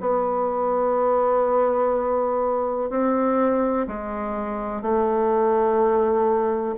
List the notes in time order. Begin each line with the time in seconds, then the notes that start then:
0.00 B3
2.89 C4
3.88 G#3
4.82 A3